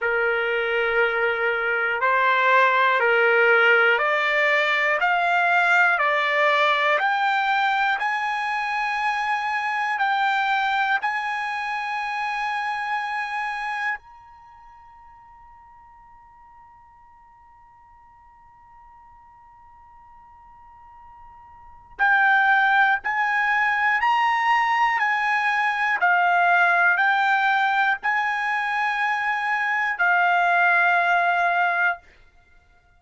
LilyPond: \new Staff \with { instrumentName = "trumpet" } { \time 4/4 \tempo 4 = 60 ais'2 c''4 ais'4 | d''4 f''4 d''4 g''4 | gis''2 g''4 gis''4~ | gis''2 ais''2~ |
ais''1~ | ais''2 g''4 gis''4 | ais''4 gis''4 f''4 g''4 | gis''2 f''2 | }